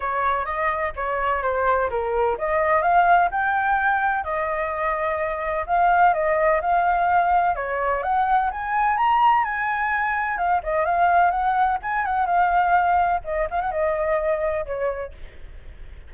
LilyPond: \new Staff \with { instrumentName = "flute" } { \time 4/4 \tempo 4 = 127 cis''4 dis''4 cis''4 c''4 | ais'4 dis''4 f''4 g''4~ | g''4 dis''2. | f''4 dis''4 f''2 |
cis''4 fis''4 gis''4 ais''4 | gis''2 f''8 dis''8 f''4 | fis''4 gis''8 fis''8 f''2 | dis''8 f''16 fis''16 dis''2 cis''4 | }